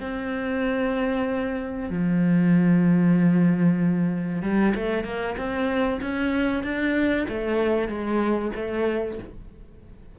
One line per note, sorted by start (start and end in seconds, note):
0.00 1.89 C4
1.89 4.42 F3
4.42 4.73 G3
4.75 5.04 A3
5.04 5.35 A#3
5.37 6.00 C4
6.01 6.63 C#4
6.63 7.26 D4
7.28 7.88 A3
7.88 8.51 G#3
8.55 9.18 A3